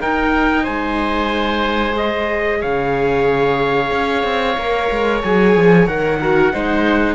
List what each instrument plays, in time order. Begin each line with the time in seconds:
0.00 viola D#4, cello D#4, oboe A#4, trumpet G5
0.63 cello G#3, oboe C5, trumpet G#5
1.92 viola G#4, trumpet D#5
2.61 cello C#3, oboe C#5, trumpet F5
3.91 cello C#4
4.24 cello C4
4.58 cello A#3, viola A#4
4.91 cello G#3
5.23 cello F#3, viola G#4, trumpet G#5
5.56 cello F3
5.87 cello D#3, viola A#4, trumpet F#5
6.20 viola F#4, oboe A#4
6.53 cello G#3, viola D#4, oboe C5